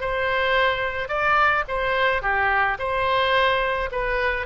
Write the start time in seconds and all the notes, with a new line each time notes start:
0.00 C5
1.08 D5
1.68 C5
2.22 G4
2.78 C5
3.91 B4